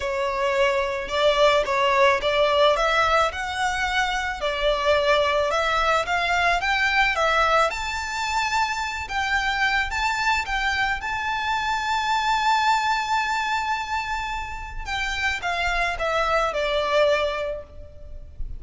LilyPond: \new Staff \with { instrumentName = "violin" } { \time 4/4 \tempo 4 = 109 cis''2 d''4 cis''4 | d''4 e''4 fis''2 | d''2 e''4 f''4 | g''4 e''4 a''2~ |
a''8 g''4. a''4 g''4 | a''1~ | a''2. g''4 | f''4 e''4 d''2 | }